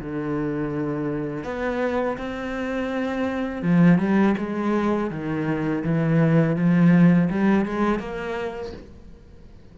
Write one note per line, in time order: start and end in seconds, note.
0.00 1.45 D3
1.45 2.18 B3
2.18 3.63 C4
3.63 3.99 F3
3.99 4.36 G3
4.38 5.11 G#3
5.11 5.84 D#3
5.84 6.57 E3
6.57 7.30 F3
7.30 7.66 G3
7.66 8.00 G#3
8.00 8.73 A#3